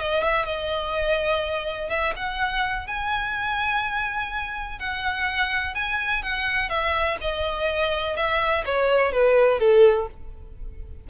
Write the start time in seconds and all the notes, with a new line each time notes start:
0.00 D#5
0.23 E5
0.45 D#5
1.89 E5
2.16 F#5
2.87 G#5
4.79 F#5
5.75 G#5
6.22 F#5
6.69 E5
7.21 D#5
8.16 E5
8.65 C#5
9.12 B4
9.59 A4